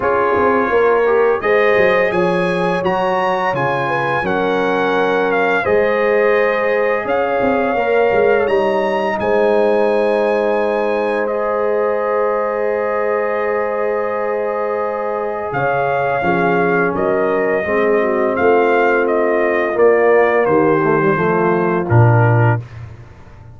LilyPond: <<
  \new Staff \with { instrumentName = "trumpet" } { \time 4/4 \tempo 4 = 85 cis''2 dis''4 gis''4 | ais''4 gis''4 fis''4. f''8 | dis''2 f''2 | ais''4 gis''2. |
dis''1~ | dis''2 f''2 | dis''2 f''4 dis''4 | d''4 c''2 ais'4 | }
  \new Staff \with { instrumentName = "horn" } { \time 4/4 gis'4 ais'4 c''4 cis''4~ | cis''4. b'8 ais'2 | c''2 cis''2~ | cis''4 c''2.~ |
c''1~ | c''2 cis''4 gis'4 | ais'4 gis'8 fis'8 f'2~ | f'4 g'4 f'2 | }
  \new Staff \with { instrumentName = "trombone" } { \time 4/4 f'4. g'8 gis'2 | fis'4 f'4 cis'2 | gis'2. ais'4 | dis'1 |
gis'1~ | gis'2. cis'4~ | cis'4 c'2. | ais4. a16 g16 a4 d'4 | }
  \new Staff \with { instrumentName = "tuba" } { \time 4/4 cis'8 c'8 ais4 gis8 fis8 f4 | fis4 cis4 fis2 | gis2 cis'8 c'8 ais8 gis8 | g4 gis2.~ |
gis1~ | gis2 cis4 f4 | fis4 gis4 a2 | ais4 dis4 f4 ais,4 | }
>>